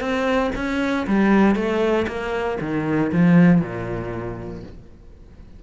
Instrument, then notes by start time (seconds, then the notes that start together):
cello
0.00 C4
0.55 C#4
1.07 G3
1.55 A3
2.07 A#3
2.60 D#3
3.12 F3
3.61 A#2